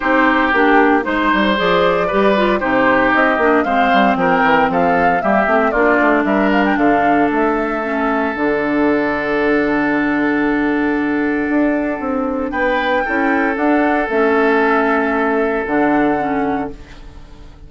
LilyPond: <<
  \new Staff \with { instrumentName = "flute" } { \time 4/4 \tempo 4 = 115 c''4 g'4 c''4 d''4~ | d''4 c''4 dis''4 f''4 | g''4 f''4 e''4 d''4 | e''8 f''16 g''16 f''4 e''2 |
fis''1~ | fis''1 | g''2 fis''4 e''4~ | e''2 fis''2 | }
  \new Staff \with { instrumentName = "oboe" } { \time 4/4 g'2 c''2 | b'4 g'2 c''4 | ais'4 a'4 g'4 f'4 | ais'4 a'2.~ |
a'1~ | a'1 | b'4 a'2.~ | a'1 | }
  \new Staff \with { instrumentName = "clarinet" } { \time 4/4 dis'4 d'4 dis'4 gis'4 | g'8 f'8 dis'4. d'8 c'4~ | c'2 ais8 c'8 d'4~ | d'2. cis'4 |
d'1~ | d'1~ | d'4 e'4 d'4 cis'4~ | cis'2 d'4 cis'4 | }
  \new Staff \with { instrumentName = "bassoon" } { \time 4/4 c'4 ais4 gis8 g8 f4 | g4 c4 c'8 ais8 gis8 g8 | f8 e8 f4 g8 a8 ais8 a8 | g4 d4 a2 |
d1~ | d2 d'4 c'4 | b4 cis'4 d'4 a4~ | a2 d2 | }
>>